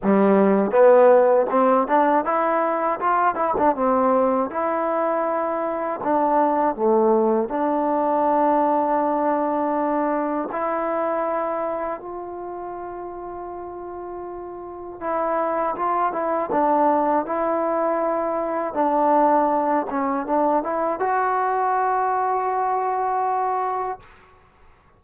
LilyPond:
\new Staff \with { instrumentName = "trombone" } { \time 4/4 \tempo 4 = 80 g4 b4 c'8 d'8 e'4 | f'8 e'16 d'16 c'4 e'2 | d'4 a4 d'2~ | d'2 e'2 |
f'1 | e'4 f'8 e'8 d'4 e'4~ | e'4 d'4. cis'8 d'8 e'8 | fis'1 | }